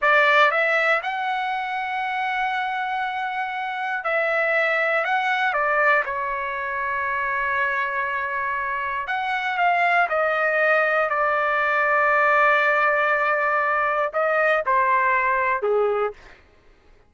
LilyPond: \new Staff \with { instrumentName = "trumpet" } { \time 4/4 \tempo 4 = 119 d''4 e''4 fis''2~ | fis''1 | e''2 fis''4 d''4 | cis''1~ |
cis''2 fis''4 f''4 | dis''2 d''2~ | d''1 | dis''4 c''2 gis'4 | }